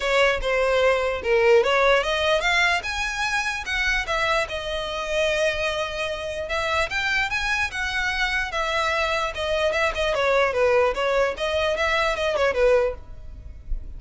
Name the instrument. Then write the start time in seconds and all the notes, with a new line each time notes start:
violin
0.00 C#5
0.41 C5
1.23 A#4
1.63 C#5
2.03 D#5
2.40 F5
2.83 G#5
3.65 F#5
4.06 E5
4.48 D#5
6.48 E5
6.89 G5
7.30 G#5
7.71 F#5
8.51 E5
9.34 D#5
9.72 E5
9.94 D#5
10.14 C#5
10.53 B4
10.94 C#5
11.37 D#5
11.76 E5
12.16 D#5
12.36 C#5
12.54 B4